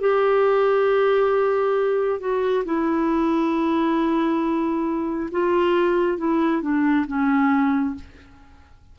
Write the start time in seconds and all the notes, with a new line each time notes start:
0.00 G4
2.19 F#4
2.65 E4
5.31 F4
6.18 E4
6.61 D4
7.06 C#4